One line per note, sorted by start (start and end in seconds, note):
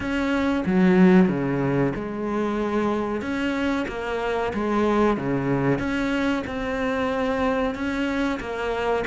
0.00 0.64 C#4
0.65 1.28 F#3
1.28 1.93 C#3
1.95 3.21 G#3
3.21 3.86 C#4
3.88 4.52 A#3
4.53 5.17 G#3
5.17 5.78 C#3
5.78 6.43 C#4
6.46 7.74 C4
7.74 8.39 C#4
8.40 9.04 A#3